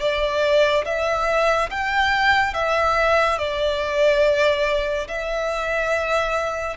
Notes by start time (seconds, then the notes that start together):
0.00 D5
0.85 E5
1.70 G5
2.54 E5
3.38 D5
5.07 E5